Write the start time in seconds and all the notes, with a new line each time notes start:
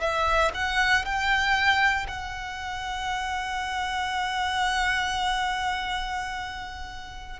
0.00 E5
0.54 F#5
1.04 G5
2.08 F#5